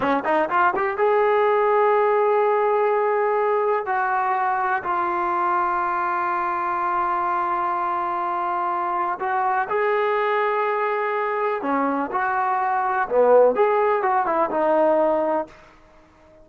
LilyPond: \new Staff \with { instrumentName = "trombone" } { \time 4/4 \tempo 4 = 124 cis'8 dis'8 f'8 g'8 gis'2~ | gis'1 | fis'2 f'2~ | f'1~ |
f'2. fis'4 | gis'1 | cis'4 fis'2 b4 | gis'4 fis'8 e'8 dis'2 | }